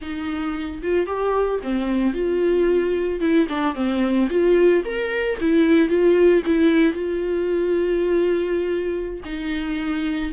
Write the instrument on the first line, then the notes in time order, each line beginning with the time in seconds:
viola
0.01 D#4
0.82 F4
1.06 G4
1.63 C4
2.13 F4
3.20 E4
3.48 D4
3.75 C4
4.30 F4
4.84 A#4
5.40 E4
5.88 F4
6.46 E4
6.93 F4
9.24 D#4